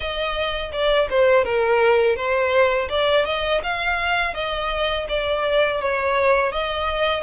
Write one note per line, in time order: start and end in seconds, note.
0.00 0.71 D#5
0.72 1.08 D5
1.10 1.44 C5
1.44 2.16 A#4
2.16 2.88 C5
2.89 3.25 D5
3.25 3.61 D#5
3.63 4.34 F5
4.34 5.06 D#5
5.09 5.81 D5
5.81 6.52 C#5
6.52 7.23 D#5